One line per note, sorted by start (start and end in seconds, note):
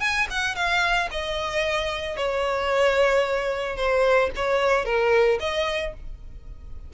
0.00 0.27 G#5
0.30 0.55 F#5
0.55 1.09 F5
1.11 2.16 D#5
2.16 3.76 C#5
3.76 4.30 C5
4.35 4.85 C#5
4.85 5.38 A#4
5.40 5.93 D#5